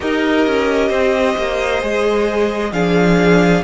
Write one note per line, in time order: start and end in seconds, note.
0.00 0.46 D#4
0.00 1.81 G4
0.00 0.88 A#4
0.00 2.73 D#5
0.46 0.90 C#4
0.88 1.35 C4
0.88 2.70 C5
1.37 1.83 A#3
1.81 2.72 G#3
1.81 2.72 G#4
2.72 3.62 F3
2.72 3.63 D4
2.72 3.63 G#4
2.72 3.63 F5